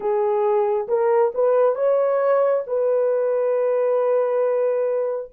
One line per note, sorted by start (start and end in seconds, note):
0.00 0.87 G#4
0.87 1.32 A#4
1.34 1.75 B4
1.75 2.63 C#5
2.66 5.31 B4